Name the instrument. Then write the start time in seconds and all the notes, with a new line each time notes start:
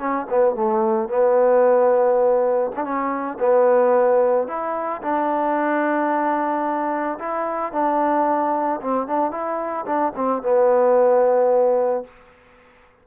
trombone
0.00 C#4
0.30 B3
0.56 A3
1.10 B3
2.76 D4
2.85 C#4
3.40 B3
4.48 E4
5.03 D4
7.20 E4
7.73 D4
8.82 C4
9.08 D4
9.32 E4
9.86 D4
10.16 C4
10.43 B3